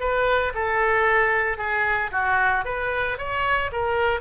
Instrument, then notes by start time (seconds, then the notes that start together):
oboe
0.00 B4
0.55 A4
1.58 G#4
2.12 F#4
2.65 B4
3.18 C#5
3.72 A#4